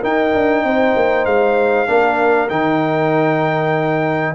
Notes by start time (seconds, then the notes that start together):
0.00 D#4 A#4 G5
0.34 D4
0.64 C4 C5
0.96 A#3
1.25 G#3 F5
1.87 A#3 D4 A#4
2.49 D#3 D#4 G5